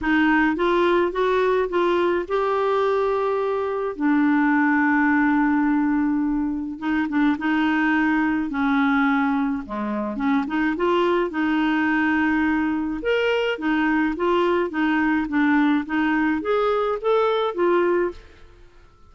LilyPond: \new Staff \with { instrumentName = "clarinet" } { \time 4/4 \tempo 4 = 106 dis'4 f'4 fis'4 f'4 | g'2. d'4~ | d'1 | dis'8 d'8 dis'2 cis'4~ |
cis'4 gis4 cis'8 dis'8 f'4 | dis'2. ais'4 | dis'4 f'4 dis'4 d'4 | dis'4 gis'4 a'4 f'4 | }